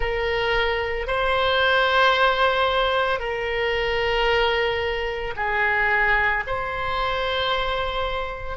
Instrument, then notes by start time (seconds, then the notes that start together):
oboe
0.00 A#4
1.07 C5
3.19 A#4
5.36 G#4
6.46 C5